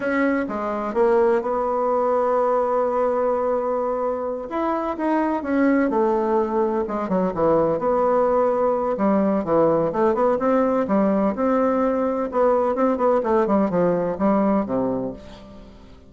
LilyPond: \new Staff \with { instrumentName = "bassoon" } { \time 4/4 \tempo 4 = 127 cis'4 gis4 ais4 b4~ | b1~ | b4. e'4 dis'4 cis'8~ | cis'8 a2 gis8 fis8 e8~ |
e8 b2~ b8 g4 | e4 a8 b8 c'4 g4 | c'2 b4 c'8 b8 | a8 g8 f4 g4 c4 | }